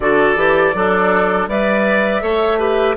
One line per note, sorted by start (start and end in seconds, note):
0.00 0.36 D3
0.00 0.36 F#4
0.00 0.75 A4
0.00 1.46 D5
0.36 0.73 E3
0.36 0.73 G4
0.74 1.47 F#3
0.74 1.49 D4
0.74 1.49 A4
1.47 2.21 G3
1.47 2.21 B4
1.47 2.22 D5
1.47 2.96 E5
2.21 2.96 A3
2.21 2.58 A4
2.21 2.58 C#5
2.58 2.95 G4
2.58 2.95 B4